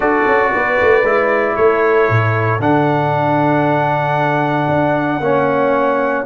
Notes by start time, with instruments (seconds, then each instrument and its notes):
0.00 tuba D4, trombone F#4, horn A4, trumpet D5
0.26 tuba C#4
0.53 tuba B3, horn B4
0.82 tuba A3
1.03 tuba G#3, trombone E4
1.55 tuba A3, horn A4, trumpet C#5
2.09 tuba A2
2.59 tuba D3, trombone D4, trumpet F#5
4.68 tuba D4
5.19 tuba A#3, trombone C#4, horn C#5